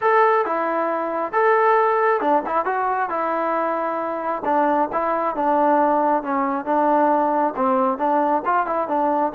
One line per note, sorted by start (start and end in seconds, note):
0.01 0.45 A4
0.45 1.32 E4
1.32 2.20 A4
2.20 2.43 D4
2.45 2.65 E4
2.65 3.09 F#4
3.09 4.42 E4
4.44 4.89 D4
4.92 5.35 E4
5.35 6.22 D4
6.22 6.65 C#4
6.65 7.54 D4
7.56 7.98 C4
7.98 8.42 D4
8.45 8.66 F4
8.66 8.87 E4
8.87 9.32 D4